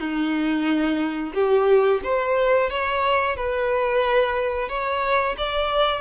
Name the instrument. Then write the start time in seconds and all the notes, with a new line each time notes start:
violin
0.00 D#4
1.34 G4
2.04 C5
2.70 C#5
3.36 B4
4.69 C#5
5.38 D5